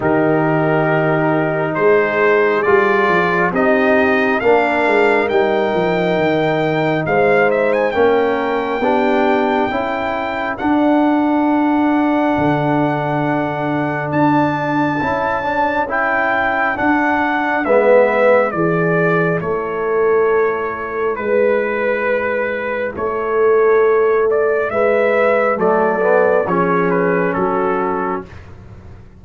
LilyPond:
<<
  \new Staff \with { instrumentName = "trumpet" } { \time 4/4 \tempo 4 = 68 ais'2 c''4 d''4 | dis''4 f''4 g''2 | f''8 e''16 gis''16 g''2. | fis''1 |
a''2 g''4 fis''4 | e''4 d''4 cis''2 | b'2 cis''4. d''8 | e''4 d''4 cis''8 b'8 a'4 | }
  \new Staff \with { instrumentName = "horn" } { \time 4/4 g'2 gis'2 | g'4 ais'2. | c''4 ais'4 g'4 a'4~ | a'1~ |
a'1 | b'4 gis'4 a'2 | b'2 a'2 | b'4 a'4 gis'4 fis'4 | }
  \new Staff \with { instrumentName = "trombone" } { \time 4/4 dis'2. f'4 | dis'4 d'4 dis'2~ | dis'4 cis'4 d'4 e'4 | d'1~ |
d'4 e'8 d'8 e'4 d'4 | b4 e'2.~ | e'1~ | e'4 a8 b8 cis'2 | }
  \new Staff \with { instrumentName = "tuba" } { \time 4/4 dis2 gis4 g8 f8 | c'4 ais8 gis8 g8 f8 dis4 | gis4 ais4 b4 cis'4 | d'2 d2 |
d'4 cis'2 d'4 | gis4 e4 a2 | gis2 a2 | gis4 fis4 f4 fis4 | }
>>